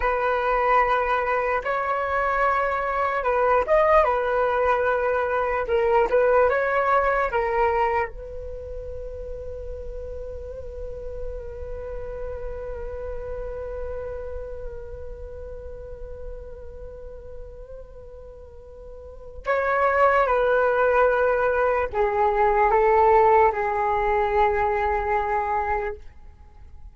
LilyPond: \new Staff \with { instrumentName = "flute" } { \time 4/4 \tempo 4 = 74 b'2 cis''2 | b'8 dis''8 b'2 ais'8 b'8 | cis''4 ais'4 b'2~ | b'1~ |
b'1~ | b'1 | cis''4 b'2 gis'4 | a'4 gis'2. | }